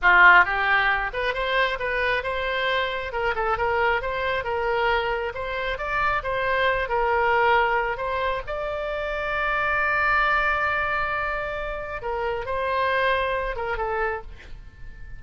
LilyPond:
\new Staff \with { instrumentName = "oboe" } { \time 4/4 \tempo 4 = 135 f'4 g'4. b'8 c''4 | b'4 c''2 ais'8 a'8 | ais'4 c''4 ais'2 | c''4 d''4 c''4. ais'8~ |
ais'2 c''4 d''4~ | d''1~ | d''2. ais'4 | c''2~ c''8 ais'8 a'4 | }